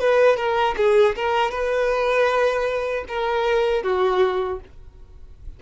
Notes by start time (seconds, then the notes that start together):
0.00 B4
0.37 A#4
0.77 G#4
1.16 A#4
1.51 B4
3.08 A#4
3.83 F#4